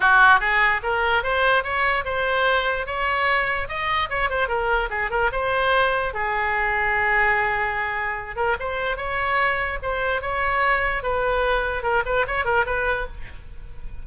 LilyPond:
\new Staff \with { instrumentName = "oboe" } { \time 4/4 \tempo 4 = 147 fis'4 gis'4 ais'4 c''4 | cis''4 c''2 cis''4~ | cis''4 dis''4 cis''8 c''8 ais'4 | gis'8 ais'8 c''2 gis'4~ |
gis'1~ | gis'8 ais'8 c''4 cis''2 | c''4 cis''2 b'4~ | b'4 ais'8 b'8 cis''8 ais'8 b'4 | }